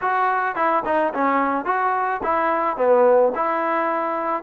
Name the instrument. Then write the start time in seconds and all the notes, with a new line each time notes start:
trombone
0.01 F#4
0.55 E4
0.85 D#4
1.14 C#4
1.65 F#4
2.23 E4
2.76 B3
3.35 E4